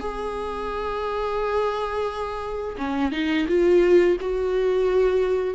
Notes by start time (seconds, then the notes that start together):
0.00 G#4
2.77 C#4
3.12 D#4
3.48 F4
4.21 F#4